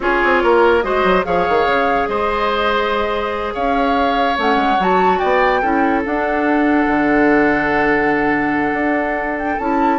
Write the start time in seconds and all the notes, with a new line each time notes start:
0.00 C#4 F4 G#4 C#5
0.24 C4
0.43 A#3 A#4
0.81 G#3 F#4 C5 D#5
1.04 F#3
1.23 F3 G#4 C#5 F5
1.49 D#3
1.66 C#3
2.07 G#3 C5 D#5
3.53 C#4 C#5 F5
4.36 A3 C#4 F#5
4.56 G#3
4.79 F#3 F#4 A5
5.18 B3 D5 G5
5.61 C#4 E4 A4
6.04 D4 F#5
6.87 D3
8.72 D4
9.38 G5
9.58 C#4 E4 A5